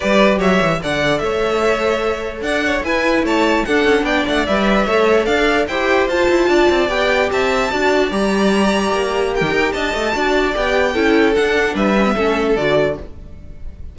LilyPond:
<<
  \new Staff \with { instrumentName = "violin" } { \time 4/4 \tempo 4 = 148 d''4 e''4 fis''4 e''4~ | e''2 fis''4 gis''4 | a''4 fis''4 g''8 fis''8 e''4~ | e''4 f''4 g''4 a''4~ |
a''4 g''4 a''2 | ais''2. g''4 | a''2 g''2 | fis''4 e''2 d''4 | }
  \new Staff \with { instrumentName = "violin" } { \time 4/4 b'4 cis''4 d''4 cis''4~ | cis''2 d''8 cis''8 b'4 | cis''4 a'4 d''2 | cis''4 d''4 c''2 |
d''2 e''4 d''4~ | d''2. ais'4 | dis''4 d''2 a'4~ | a'4 b'4 a'2 | }
  \new Staff \with { instrumentName = "viola" } { \time 4/4 g'2 a'2~ | a'2. e'4~ | e'4 d'2 b'4 | a'2 g'4 f'4~ |
f'4 g'2 fis'4 | g'1~ | g'4 fis'4 g'4 e'4 | d'4. cis'16 b16 cis'4 fis'4 | }
  \new Staff \with { instrumentName = "cello" } { \time 4/4 g4 fis8 e8 d4 a4~ | a2 d'4 e'4 | a4 d'8 cis'8 b8 a8 g4 | a4 d'4 e'4 f'8 e'8 |
d'8 c'8 b4 c'4 d'4 | g2 ais4~ ais16 dis16 dis'8 | d'8 a8 d'4 b4 cis'4 | d'4 g4 a4 d4 | }
>>